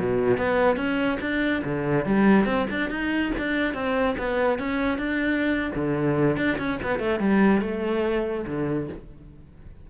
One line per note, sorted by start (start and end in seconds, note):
0.00 0.38 B2
0.38 0.77 B3
0.77 1.19 C#4
1.21 1.63 D4
1.65 2.06 D3
2.06 2.46 G3
2.46 2.67 C4
2.71 2.91 D4
2.91 3.33 D#4
3.38 3.75 D4
3.75 4.17 C4
4.18 4.59 B3
4.59 4.99 C#4
4.99 5.72 D4
5.76 6.37 D3
6.37 6.58 D4
6.58 6.79 C#4
6.83 7.00 B3
7.00 7.20 A3
7.20 7.62 G3
7.62 8.46 A3
8.47 8.89 D3